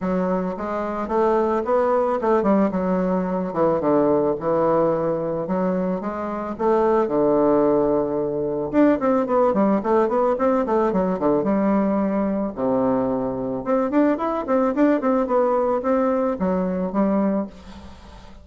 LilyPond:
\new Staff \with { instrumentName = "bassoon" } { \time 4/4 \tempo 4 = 110 fis4 gis4 a4 b4 | a8 g8 fis4. e8 d4 | e2 fis4 gis4 | a4 d2. |
d'8 c'8 b8 g8 a8 b8 c'8 a8 | fis8 d8 g2 c4~ | c4 c'8 d'8 e'8 c'8 d'8 c'8 | b4 c'4 fis4 g4 | }